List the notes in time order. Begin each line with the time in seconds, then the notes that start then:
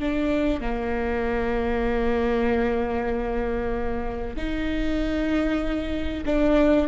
0.00 D4
0.61 A#3
4.37 D#4
6.26 D4